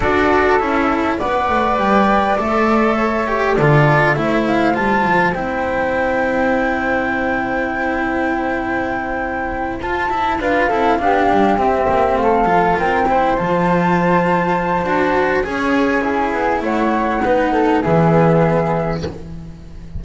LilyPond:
<<
  \new Staff \with { instrumentName = "flute" } { \time 4/4 \tempo 4 = 101 d''4 e''4 fis''4 g''4 | e''2 d''4 e''8 f''8 | a''4 g''2.~ | g''1~ |
g''8 a''4 f''2 e''8~ | e''8 f''4 g''4 a''4.~ | a''2 gis''2 | fis''2 e''2 | }
  \new Staff \with { instrumentName = "flute" } { \time 4/4 a'2 d''2~ | d''4 cis''4 a'4 c''4~ | c''1~ | c''1~ |
c''4. b'8 a'8 g'4.~ | g'8 a'4 ais'8 c''2~ | c''2 cis''4 gis'4 | cis''4 b'8 a'8 gis'2 | }
  \new Staff \with { instrumentName = "cello" } { \time 4/4 fis'4 e'4 b'2 | a'4. g'8 f'4 e'4 | f'4 e'2.~ | e'1~ |
e'8 f'8 e'8 f'8 e'8 d'4 c'8~ | c'4 f'4 e'8 f'4.~ | f'4 fis'4 gis'4 e'4~ | e'4 dis'4 b2 | }
  \new Staff \with { instrumentName = "double bass" } { \time 4/4 d'4 cis'4 b8 a8 g4 | a2 d4 a4 | g8 f8 c'2.~ | c'1~ |
c'8 f'8 e'8 d'8 c'8 b8 g8 c'8 | ais8 a8 f8 c'4 f4.~ | f4 d'4 cis'4. b8 | a4 b4 e2 | }
>>